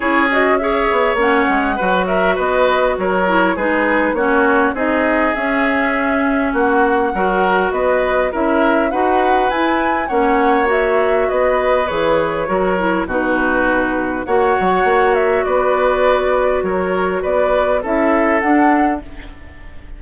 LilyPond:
<<
  \new Staff \with { instrumentName = "flute" } { \time 4/4 \tempo 4 = 101 cis''8 dis''8 e''4 fis''4. e''8 | dis''4 cis''4 b'4 cis''4 | dis''4 e''2 fis''4~ | fis''4 dis''4 e''4 fis''4 |
gis''4 fis''4 e''4 dis''4 | cis''2 b'2 | fis''4. e''8 d''2 | cis''4 d''4 e''4 fis''4 | }
  \new Staff \with { instrumentName = "oboe" } { \time 4/4 gis'4 cis''2 b'8 ais'8 | b'4 ais'4 gis'4 fis'4 | gis'2. fis'4 | ais'4 b'4 ais'4 b'4~ |
b'4 cis''2 b'4~ | b'4 ais'4 fis'2 | cis''2 b'2 | ais'4 b'4 a'2 | }
  \new Staff \with { instrumentName = "clarinet" } { \time 4/4 e'8 fis'8 gis'4 cis'4 fis'4~ | fis'4. e'8 dis'4 cis'4 | dis'4 cis'2. | fis'2 e'4 fis'4 |
e'4 cis'4 fis'2 | gis'4 fis'8 e'8 dis'2 | fis'1~ | fis'2 e'4 d'4 | }
  \new Staff \with { instrumentName = "bassoon" } { \time 4/4 cis'4. b8 ais8 gis8 fis4 | b4 fis4 gis4 ais4 | c'4 cis'2 ais4 | fis4 b4 cis'4 dis'4 |
e'4 ais2 b4 | e4 fis4 b,2 | ais8 fis8 ais4 b2 | fis4 b4 cis'4 d'4 | }
>>